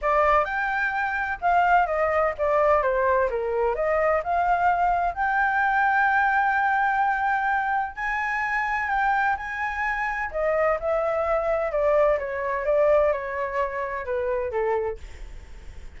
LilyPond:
\new Staff \with { instrumentName = "flute" } { \time 4/4 \tempo 4 = 128 d''4 g''2 f''4 | dis''4 d''4 c''4 ais'4 | dis''4 f''2 g''4~ | g''1~ |
g''4 gis''2 g''4 | gis''2 dis''4 e''4~ | e''4 d''4 cis''4 d''4 | cis''2 b'4 a'4 | }